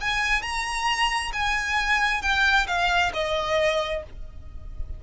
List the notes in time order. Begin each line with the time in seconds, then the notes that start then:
0.00 G#5
0.42 A#5
1.32 G#5
2.22 G5
2.67 F5
3.13 D#5